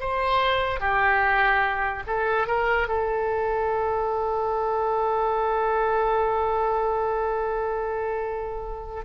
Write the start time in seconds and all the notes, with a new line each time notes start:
0.00 C5
0.80 G4
2.07 A4
2.47 A#4
2.88 A4